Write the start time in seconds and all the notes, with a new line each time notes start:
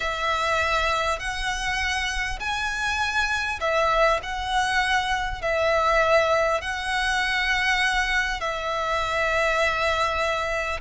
0.00 E5
1.19 F#5
2.39 G#5
3.60 E5
4.22 F#5
5.41 E5
6.61 F#5
8.40 E5